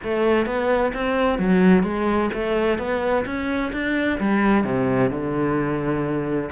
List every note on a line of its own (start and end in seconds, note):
0.03 0.46 A3
0.46 0.92 B3
0.93 1.38 C4
1.38 1.83 F#3
1.83 2.29 G#3
2.33 2.78 A3
2.78 3.24 B3
3.25 3.72 C#4
3.73 4.19 D4
4.20 4.64 G3
4.64 5.10 C3
5.10 6.49 D3